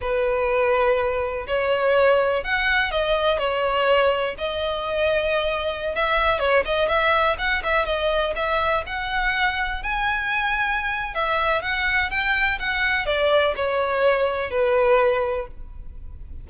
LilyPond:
\new Staff \with { instrumentName = "violin" } { \time 4/4 \tempo 4 = 124 b'2. cis''4~ | cis''4 fis''4 dis''4 cis''4~ | cis''4 dis''2.~ | dis''16 e''4 cis''8 dis''8 e''4 fis''8 e''16~ |
e''16 dis''4 e''4 fis''4.~ fis''16~ | fis''16 gis''2~ gis''8. e''4 | fis''4 g''4 fis''4 d''4 | cis''2 b'2 | }